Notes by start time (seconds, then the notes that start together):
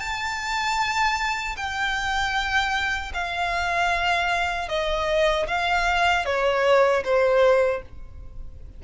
0.00 A5
1.57 G5
3.14 F5
4.69 D#5
5.47 F5
6.26 C#5
7.04 C5